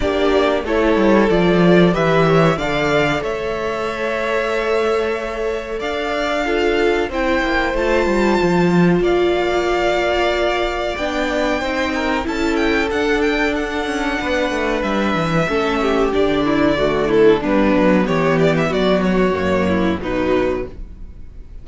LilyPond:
<<
  \new Staff \with { instrumentName = "violin" } { \time 4/4 \tempo 4 = 93 d''4 cis''4 d''4 e''4 | f''4 e''2.~ | e''4 f''2 g''4 | a''2 f''2~ |
f''4 g''2 a''8 g''8 | fis''8 g''8 fis''2 e''4~ | e''4 d''4. a'8 b'4 | cis''8 d''16 e''16 d''8 cis''4. b'4 | }
  \new Staff \with { instrumentName = "violin" } { \time 4/4 g'4 a'2 b'8 cis''8 | d''4 cis''2.~ | cis''4 d''4 a'4 c''4~ | c''2 d''2~ |
d''2 c''8 ais'8 a'4~ | a'2 b'2 | a'8 g'4 e'8 fis'8 e'8 d'4 | g'4 fis'4. e'8 dis'4 | }
  \new Staff \with { instrumentName = "viola" } { \time 4/4 d'4 e'4 f'4 g'4 | a'1~ | a'2 f'4 e'4 | f'1~ |
f'4 d'4 dis'4 e'4 | d'1 | cis'4 d'4 a4 b4~ | b2 ais4 fis4 | }
  \new Staff \with { instrumentName = "cello" } { \time 4/4 ais4 a8 g8 f4 e4 | d4 a2.~ | a4 d'2 c'8 ais8 | a8 g8 f4 ais2~ |
ais4 b4 c'4 cis'4 | d'4. cis'8 b8 a8 g8 e8 | a4 d2 g8 fis8 | e4 fis4 fis,4 b,4 | }
>>